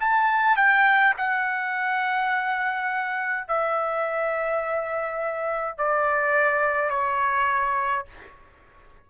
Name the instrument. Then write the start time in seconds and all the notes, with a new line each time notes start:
trumpet
0.00 A5
0.57 G5
1.17 F#5
3.48 E5
5.77 D5
6.90 C#5